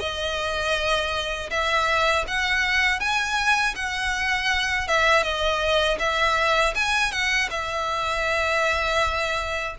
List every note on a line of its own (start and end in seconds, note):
0.00 1.50 D#5
1.50 2.25 E5
2.28 3.00 F#5
3.00 3.75 G#5
3.76 4.88 F#5
4.88 5.23 E5
5.23 5.98 D#5
5.99 6.74 E5
6.75 7.12 G#5
7.12 7.49 F#5
7.51 9.76 E5